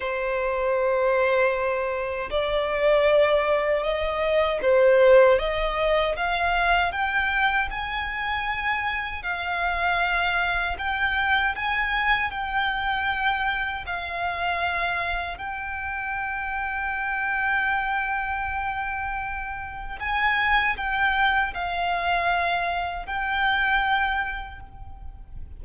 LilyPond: \new Staff \with { instrumentName = "violin" } { \time 4/4 \tempo 4 = 78 c''2. d''4~ | d''4 dis''4 c''4 dis''4 | f''4 g''4 gis''2 | f''2 g''4 gis''4 |
g''2 f''2 | g''1~ | g''2 gis''4 g''4 | f''2 g''2 | }